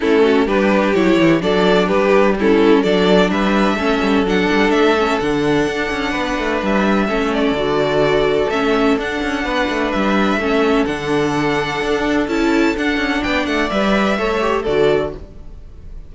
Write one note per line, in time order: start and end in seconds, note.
0.00 0.46 A3
0.00 0.47 C#4
0.00 0.23 E4
0.00 0.47 A4
0.23 0.46 F#4
0.46 0.93 G3
0.46 0.94 D4
0.46 1.40 G4
0.46 0.94 B4
0.94 1.18 F#3
0.94 1.40 E4
0.94 1.41 C#5
1.19 1.41 E3
1.40 1.88 F#3
1.40 2.35 D4
1.40 1.87 A4
1.40 1.88 D5
1.87 2.82 G3
1.87 2.34 G4
1.87 2.35 B4
2.39 2.85 C#4
2.39 2.82 E4
2.39 2.83 A4
2.82 3.29 F#3
2.82 3.78 D4
2.82 3.30 A4
2.82 3.30 D5
3.29 3.75 G3
3.29 3.76 B4
3.29 4.25 E5
3.75 3.99 A3
3.75 4.25 C#4
3.75 6.11 A4
4.02 4.23 G3
4.23 4.46 F#3
4.23 4.96 D4
4.23 4.70 F#5
4.52 4.71 G3
4.70 5.18 A3
4.70 5.18 E5
4.98 5.21 C#4
5.20 5.67 D3
5.20 7.08 D4
5.20 6.61 F#5
5.67 5.90 D4
5.91 6.14 C#4
6.11 6.38 B3
6.11 7.05 B4
6.38 6.62 A3
6.62 7.08 G3
6.62 7.33 E5
7.08 7.51 A3
7.08 7.56 C#4
7.08 9.45 A4
7.33 8.49 D5
7.51 8.46 D3
7.51 8.51 F#4
8.49 8.96 A3
8.49 8.98 C#4
8.49 8.97 E5
8.96 9.20 D4
8.96 10.41 D4
8.96 9.91 F#5
9.22 9.44 C#4
9.44 9.68 B3
9.44 10.39 B4
9.69 9.92 A3
9.91 10.37 G3
9.91 10.85 E5
10.37 10.84 A3
10.37 10.86 C#4
10.37 13.22 A4
10.85 11.81 D3
10.85 12.28 D4
10.85 12.26 F#5
11.82 12.27 D4
12.27 12.74 C#4
12.27 12.75 E4
12.27 12.76 A5
12.76 13.70 D4
12.76 12.97 D4
12.76 13.23 F#5
12.97 13.21 C#4
13.22 13.46 B3
13.22 14.17 D5
13.22 13.46 G5
13.46 13.70 A3
13.46 13.69 F#5
13.69 14.18 G3
13.69 14.17 B4
13.69 14.64 E5
14.18 14.65 A3
14.18 14.40 A4
14.18 14.62 C#5
14.40 14.64 G4
14.62 15.13 D3
14.62 15.15 F#4
14.62 15.09 A4
14.62 15.12 D5